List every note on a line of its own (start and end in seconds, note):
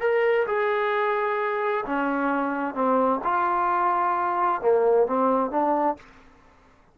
0.00 0.46 A#4
0.47 1.84 G#4
1.86 2.74 C#4
2.74 3.20 C4
3.24 4.61 F4
4.61 5.06 A#3
5.06 5.50 C4
5.50 5.96 D4